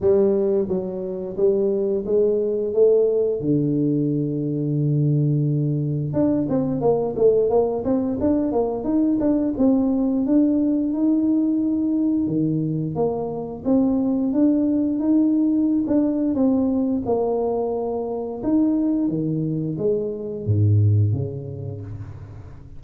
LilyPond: \new Staff \with { instrumentName = "tuba" } { \time 4/4 \tempo 4 = 88 g4 fis4 g4 gis4 | a4 d2.~ | d4 d'8 c'8 ais8 a8 ais8 c'8 | d'8 ais8 dis'8 d'8 c'4 d'4 |
dis'2 dis4 ais4 | c'4 d'4 dis'4~ dis'16 d'8. | c'4 ais2 dis'4 | dis4 gis4 gis,4 cis4 | }